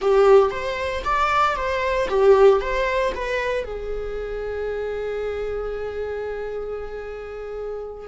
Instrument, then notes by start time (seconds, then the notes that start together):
viola
0.01 G4
0.50 C5
1.04 D5
1.56 C5
2.09 G4
2.60 C5
3.14 B4
3.64 G#4